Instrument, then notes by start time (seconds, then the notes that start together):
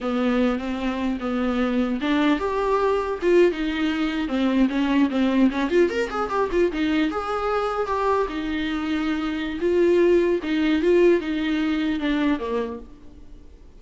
viola
0.00 B3
0.59 C4
1.19 B3
2.00 D4
2.39 G4
3.22 F4
3.51 D#4
4.27 C4
4.69 C#4
5.10 C4
5.50 C#4
5.69 F4
5.89 A#4
6.09 G#4
6.29 G4
6.51 F4
6.72 D#4
7.10 G#4
7.87 G4
8.28 D#4
9.60 F4
10.42 D#4
10.82 F4
11.20 D#4
11.99 D4
12.39 A#3